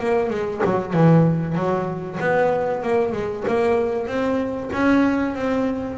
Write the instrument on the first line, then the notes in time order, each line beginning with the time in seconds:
double bass
0.00 A#3
0.30 G#3
0.65 F#3
0.93 E3
1.55 F#3
2.20 B3
2.83 A#3
3.13 G#3
3.48 A#3
4.07 C4
4.73 C#4
5.35 C4